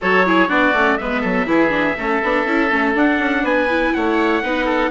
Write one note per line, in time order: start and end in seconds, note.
0.01 0.49 F#3
0.01 0.26 F#4
0.01 0.25 A4
0.01 0.49 C#5
0.26 0.48 E4
0.26 0.48 G#4
0.48 0.73 B3
0.48 0.73 D4
0.48 0.97 F#4
0.48 0.97 D5
0.73 0.97 A3
0.73 0.99 C#4
0.97 1.24 G#3
0.97 1.46 B3
0.97 1.21 B4
0.97 2.94 E5
1.21 1.45 F#3
1.21 1.45 A4
1.45 1.94 E3
1.45 1.69 E4
1.45 1.97 G#4
1.69 1.93 D4
1.97 2.22 A3
1.97 2.23 C#4
1.97 3.43 A4
2.22 2.45 B3
2.22 2.47 D4
2.45 2.69 C#4
2.45 2.70 E4
2.70 2.95 A3
2.70 2.94 C#4
2.94 3.68 D4
2.94 3.19 D4
2.94 3.45 F#5
3.19 3.43 C#4
3.43 3.92 B3
3.43 3.92 B4
3.43 3.93 G#5
3.69 4.42 E4
3.93 4.42 A3
3.93 4.43 C#5
3.93 4.90 F#5
4.42 4.90 B3
4.42 4.90 D#4
4.42 4.65 B4
4.65 4.89 A4